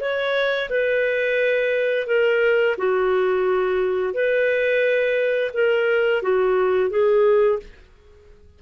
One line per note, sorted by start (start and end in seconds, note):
0.00 0.69 C#5
0.69 2.07 B4
2.07 2.76 A#4
2.77 4.13 F#4
4.13 5.51 B4
5.53 6.22 A#4
6.22 6.90 F#4
6.90 7.59 G#4